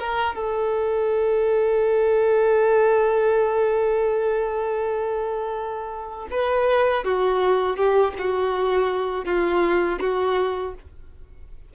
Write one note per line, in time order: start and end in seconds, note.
0.00 0.35 A#4
0.35 6.28 A4
6.31 7.05 B4
7.05 7.77 F#4
7.77 8.14 G4
8.19 9.25 F#4
9.25 9.99 F4
10.01 10.75 F#4